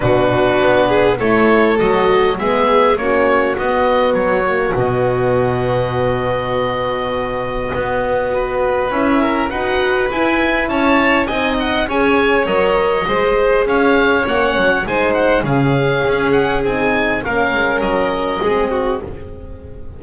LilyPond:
<<
  \new Staff \with { instrumentName = "oboe" } { \time 4/4 \tempo 4 = 101 b'2 cis''4 dis''4 | e''4 cis''4 dis''4 cis''4 | dis''1~ | dis''2. e''4 |
fis''4 gis''4 a''4 gis''8 fis''8 | gis''4 dis''2 f''4 | fis''4 gis''8 fis''8 f''4. fis''8 | gis''4 f''4 dis''2 | }
  \new Staff \with { instrumentName = "violin" } { \time 4/4 fis'4. gis'8 a'2 | gis'4 fis'2.~ | fis'1~ | fis'2 b'4. ais'8 |
b'2 cis''4 dis''4 | cis''2 c''4 cis''4~ | cis''4 c''4 gis'2~ | gis'4 ais'2 gis'8 fis'8 | }
  \new Staff \with { instrumentName = "horn" } { \time 4/4 d'2 e'4 fis'4 | b4 cis'4 b4. ais8 | b1~ | b2 fis'4 e'4 |
fis'4 e'2 dis'4 | gis'4 ais'4 gis'2 | cis'4 dis'4 cis'2 | dis'4 cis'2 c'4 | }
  \new Staff \with { instrumentName = "double bass" } { \time 4/4 b,4 b4 a4 fis4 | gis4 ais4 b4 fis4 | b,1~ | b,4 b2 cis'4 |
dis'4 e'4 cis'4 c'4 | cis'4 fis4 gis4 cis'4 | ais8 fis8 gis4 cis4 cis'4 | c'4 ais8 gis8 fis4 gis4 | }
>>